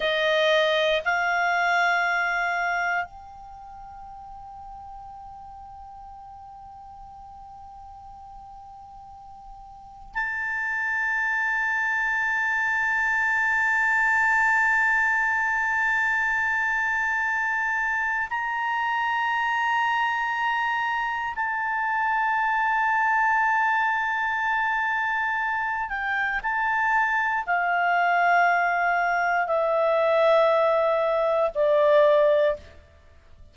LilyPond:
\new Staff \with { instrumentName = "clarinet" } { \time 4/4 \tempo 4 = 59 dis''4 f''2 g''4~ | g''1~ | g''2 a''2~ | a''1~ |
a''2 ais''2~ | ais''4 a''2.~ | a''4. g''8 a''4 f''4~ | f''4 e''2 d''4 | }